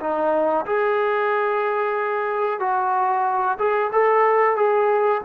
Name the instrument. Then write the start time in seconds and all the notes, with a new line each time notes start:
trombone
0.00 D#4
0.66 G#4
2.60 F#4
3.59 G#4
3.92 A4
4.56 G#4